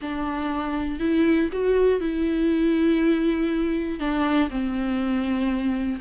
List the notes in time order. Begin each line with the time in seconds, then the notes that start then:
0.01 D4
0.99 E4
1.52 F#4
2.00 E4
3.99 D4
4.50 C4